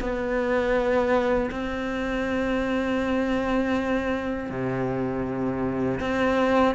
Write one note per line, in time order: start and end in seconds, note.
0.00 1.50 B3
1.51 4.50 C4
4.50 6.00 C3
6.00 6.75 C4